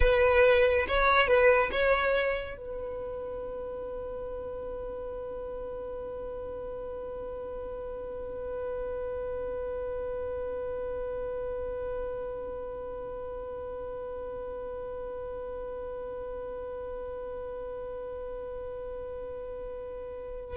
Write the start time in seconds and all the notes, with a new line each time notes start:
0.00 B4
0.88 C#5
1.27 B4
1.71 C#5
2.57 B4